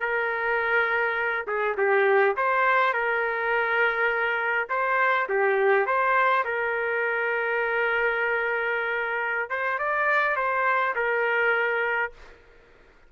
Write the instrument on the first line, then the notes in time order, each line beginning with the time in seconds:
trumpet
0.00 A#4
1.47 G#4
1.77 G4
2.36 C5
2.93 A#4
4.69 C5
5.29 G4
5.86 C5
6.44 A#4
9.49 C5
9.78 D5
10.36 C5
10.95 A#4